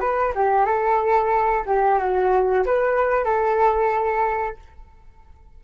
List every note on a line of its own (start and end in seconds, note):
0.00 0.33 B4
0.35 0.65 G4
0.65 1.64 A4
1.65 1.98 G4
1.98 2.64 F#4
2.65 3.24 B4
3.24 4.56 A4